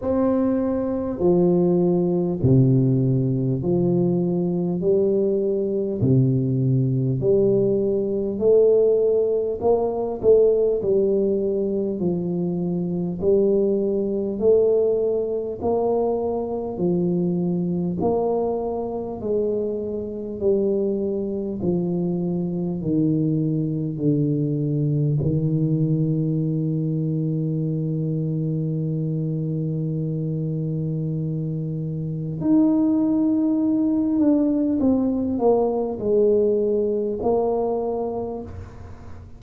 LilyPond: \new Staff \with { instrumentName = "tuba" } { \time 4/4 \tempo 4 = 50 c'4 f4 c4 f4 | g4 c4 g4 a4 | ais8 a8 g4 f4 g4 | a4 ais4 f4 ais4 |
gis4 g4 f4 dis4 | d4 dis2.~ | dis2. dis'4~ | dis'8 d'8 c'8 ais8 gis4 ais4 | }